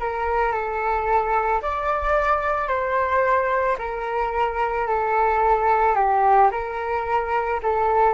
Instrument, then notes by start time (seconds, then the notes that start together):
flute
0.00 A#4
0.52 A4
1.63 D5
2.68 C5
3.78 A#4
4.87 A4
5.96 G4
6.52 A#4
7.63 A4